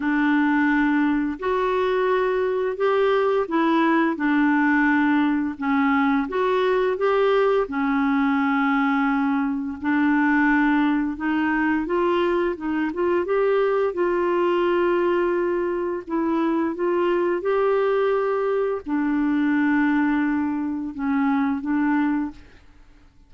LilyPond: \new Staff \with { instrumentName = "clarinet" } { \time 4/4 \tempo 4 = 86 d'2 fis'2 | g'4 e'4 d'2 | cis'4 fis'4 g'4 cis'4~ | cis'2 d'2 |
dis'4 f'4 dis'8 f'8 g'4 | f'2. e'4 | f'4 g'2 d'4~ | d'2 cis'4 d'4 | }